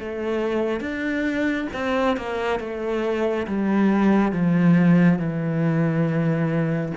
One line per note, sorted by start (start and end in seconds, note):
0.00 0.81 A3
0.81 1.68 D4
1.74 2.17 C4
2.17 2.60 A#3
2.60 3.47 A3
3.47 4.32 G3
4.32 5.19 F3
5.19 6.93 E3